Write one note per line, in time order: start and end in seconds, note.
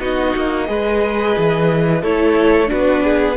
0.00 0.34 B3
0.00 0.66 D#4
0.00 0.68 F#4
0.00 2.04 D#5
0.36 0.69 A#3
0.66 1.36 G#3
0.66 2.01 G#4
0.66 2.02 B4
1.38 2.04 E3
2.02 2.71 A3
2.02 2.67 E4
2.02 2.70 A4
2.02 2.71 C#5
2.67 3.37 B3
2.67 3.34 D4
2.67 3.04 F#4
2.67 3.37 B4
3.04 3.37 G#4